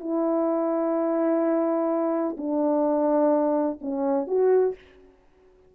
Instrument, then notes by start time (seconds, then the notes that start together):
horn
0.00 E4
2.37 D4
3.81 C#4
4.27 F#4